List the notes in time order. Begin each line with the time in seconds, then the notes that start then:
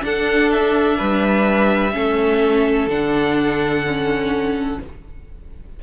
0.00 D4 A4 F#5
0.51 E5
0.97 G3 B4
1.92 A3 C#4 A4
2.87 D3 D4 F#5
3.87 C#4